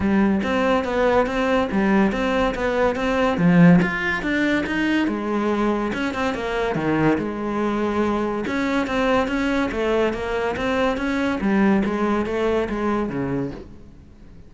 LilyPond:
\new Staff \with { instrumentName = "cello" } { \time 4/4 \tempo 4 = 142 g4 c'4 b4 c'4 | g4 c'4 b4 c'4 | f4 f'4 d'4 dis'4 | gis2 cis'8 c'8 ais4 |
dis4 gis2. | cis'4 c'4 cis'4 a4 | ais4 c'4 cis'4 g4 | gis4 a4 gis4 cis4 | }